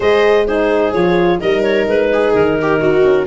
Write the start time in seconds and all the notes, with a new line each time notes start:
0.00 G#3 G#4 C5 D#5
0.47 D#4 G#4 C5
0.93 F3 F4 C#5
1.40 G3 D#4 A#4 D#5
1.62 C#5
1.87 G#3 B4
2.12 G#4
2.33 D#3 A#4
2.61 G4
2.79 D#4 F#4
3.04 C#4